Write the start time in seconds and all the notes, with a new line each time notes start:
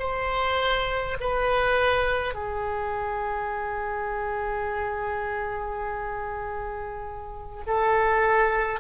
0.00 C5
1.21 B4
2.35 G#4
7.67 A4